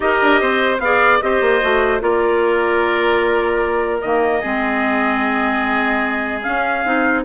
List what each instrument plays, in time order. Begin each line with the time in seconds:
0.00 bassoon D#4, clarinet G4, oboe A#4, trumpet D#5
0.22 bassoon D4
0.40 bassoon C4, oboe C5
0.79 bassoon B3, clarinet G#4, oboe D5, trumpet F5
1.21 bassoon C4, clarinet G4, oboe C5, trumpet D#5
1.41 bassoon A#3
1.61 bassoon A3, clarinet F#4
2.00 bassoon A#3, clarinet F4, oboe A#4, trumpet D5
4.00 bassoon D#3, clarinet A#3, trumpet D#5
4.40 bassoon G#3, clarinet C4, oboe G#4
6.42 clarinet C#4, bassoon C#4, trumpet F5
6.84 bassoon C4, clarinet D#4